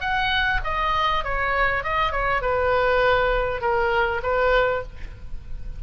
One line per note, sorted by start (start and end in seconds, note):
0.00 0.60 F#5
0.64 1.24 D#5
1.24 1.84 C#5
1.84 2.11 D#5
2.11 2.41 C#5
2.41 3.61 B4
3.61 4.21 A#4
4.22 4.82 B4